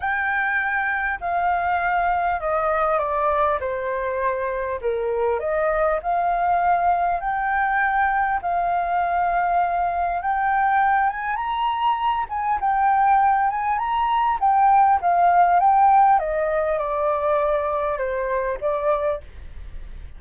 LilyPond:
\new Staff \with { instrumentName = "flute" } { \time 4/4 \tempo 4 = 100 g''2 f''2 | dis''4 d''4 c''2 | ais'4 dis''4 f''2 | g''2 f''2~ |
f''4 g''4. gis''8 ais''4~ | ais''8 gis''8 g''4. gis''8 ais''4 | g''4 f''4 g''4 dis''4 | d''2 c''4 d''4 | }